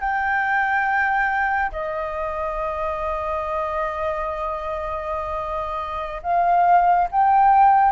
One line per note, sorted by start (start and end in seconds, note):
0.00 1.71 G5
1.72 6.22 D#5
6.23 7.08 F5
7.11 7.92 G5